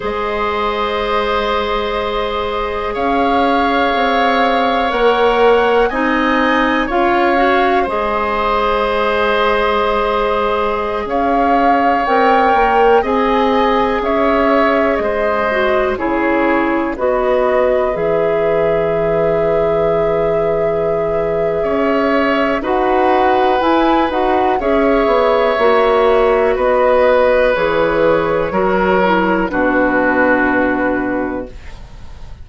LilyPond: <<
  \new Staff \with { instrumentName = "flute" } { \time 4/4 \tempo 4 = 61 dis''2. f''4~ | f''4 fis''4 gis''4 f''4 | dis''2.~ dis''16 f''8.~ | f''16 g''4 gis''4 e''4 dis''8.~ |
dis''16 cis''4 dis''4 e''4.~ e''16~ | e''2. fis''4 | gis''8 fis''8 e''2 dis''4 | cis''2 b'2 | }
  \new Staff \with { instrumentName = "oboe" } { \time 4/4 c''2. cis''4~ | cis''2 dis''4 cis''4 | c''2.~ c''16 cis''8.~ | cis''4~ cis''16 dis''4 cis''4 c''8.~ |
c''16 gis'4 b'2~ b'8.~ | b'2 cis''4 b'4~ | b'4 cis''2 b'4~ | b'4 ais'4 fis'2 | }
  \new Staff \with { instrumentName = "clarinet" } { \time 4/4 gis'1~ | gis'4 ais'4 dis'4 f'8 fis'8 | gis'1~ | gis'16 ais'4 gis'2~ gis'8 fis'16~ |
fis'16 e'4 fis'4 gis'4.~ gis'16~ | gis'2. fis'4 | e'8 fis'8 gis'4 fis'2 | gis'4 fis'8 e'8 d'2 | }
  \new Staff \with { instrumentName = "bassoon" } { \time 4/4 gis2. cis'4 | c'4 ais4 c'4 cis'4 | gis2.~ gis16 cis'8.~ | cis'16 c'8 ais8 c'4 cis'4 gis8.~ |
gis16 cis4 b4 e4.~ e16~ | e2 cis'4 dis'4 | e'8 dis'8 cis'8 b8 ais4 b4 | e4 fis4 b,2 | }
>>